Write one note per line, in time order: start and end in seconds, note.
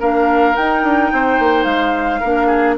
0.00 0.56 A#3
0.00 0.55 D4
0.00 1.11 A#4
0.00 0.56 F5
0.55 2.22 D#4
0.55 0.84 D#4
0.55 1.64 G5
0.84 1.11 D4
1.12 1.39 C4
1.12 2.20 C5
1.39 1.65 A#3
1.64 2.21 G#3
1.64 2.75 F5
2.20 2.78 A#3
2.20 2.78 D4
2.20 2.47 A#4
2.47 2.75 G#4